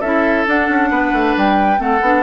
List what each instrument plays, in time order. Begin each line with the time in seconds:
0.00 bassoon C#4, clarinet E4, oboe A4, flute E5
0.47 clarinet D4, bassoon D4, flute F#5
0.68 bassoon C#4
0.90 bassoon B3, oboe B4
1.12 bassoon A3
1.37 bassoon G3, flute G5
1.77 bassoon A3, clarinet C4, oboe A4, flute F#5
2.01 bassoon B3, clarinet D4